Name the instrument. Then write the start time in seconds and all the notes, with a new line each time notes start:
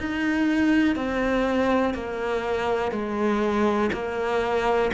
cello
0.00 D#4
0.96 C4
1.94 A#3
2.92 G#3
3.93 A#3